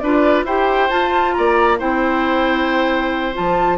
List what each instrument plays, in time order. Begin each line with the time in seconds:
0.00 bassoon D4, clarinet F4, oboe B4, flute D5
0.45 bassoon E4, clarinet G4, oboe C5, flute G5
0.90 clarinet F4, bassoon F4, flute A5
1.34 bassoon A#3, oboe D5, flute A#5
1.79 bassoon C4, clarinet E4, oboe C5, flute G5
3.34 bassoon F3, clarinet F4, flute A5